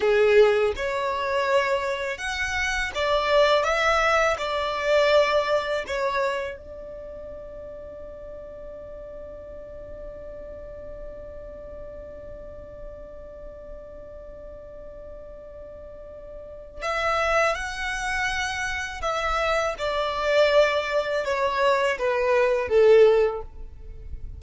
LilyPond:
\new Staff \with { instrumentName = "violin" } { \time 4/4 \tempo 4 = 82 gis'4 cis''2 fis''4 | d''4 e''4 d''2 | cis''4 d''2.~ | d''1~ |
d''1~ | d''2. e''4 | fis''2 e''4 d''4~ | d''4 cis''4 b'4 a'4 | }